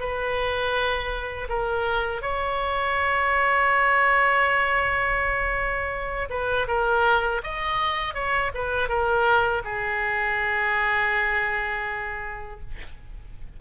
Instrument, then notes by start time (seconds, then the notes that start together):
oboe
0.00 B4
1.49 A#4
2.22 C#5
6.30 B4
6.67 A#4
7.44 D#5
8.14 C#5
8.54 B4
8.89 A#4
9.64 G#4